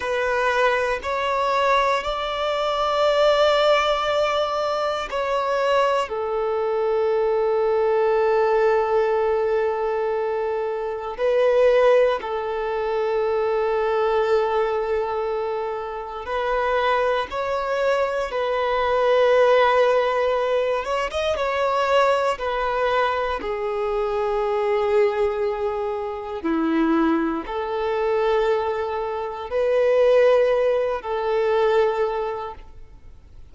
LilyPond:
\new Staff \with { instrumentName = "violin" } { \time 4/4 \tempo 4 = 59 b'4 cis''4 d''2~ | d''4 cis''4 a'2~ | a'2. b'4 | a'1 |
b'4 cis''4 b'2~ | b'8 cis''16 dis''16 cis''4 b'4 gis'4~ | gis'2 e'4 a'4~ | a'4 b'4. a'4. | }